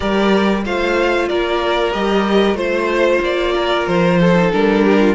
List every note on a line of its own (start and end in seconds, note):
0.00 0.65 G3
0.00 0.63 G4
0.00 0.62 A#4
0.00 0.64 D5
0.65 1.30 A3
0.65 1.92 F4
0.65 1.28 C5
0.65 1.28 F5
1.28 1.94 A#3
1.28 2.57 A#4
1.28 1.92 D5
1.92 2.54 G3
1.92 2.55 G4
1.92 2.56 D#5
2.54 3.19 A3
2.54 4.33 F4
2.54 3.21 C5
2.54 3.53 C5
3.21 3.85 A#3
3.21 3.87 D5
3.54 4.19 A#4
3.87 4.52 F3
3.87 4.51 C5
4.20 4.84 A4
4.35 4.51 D#4
4.51 5.15 G3
4.51 5.15 D4
4.51 5.15 A#4
4.84 4.99 G4
4.99 5.15 F4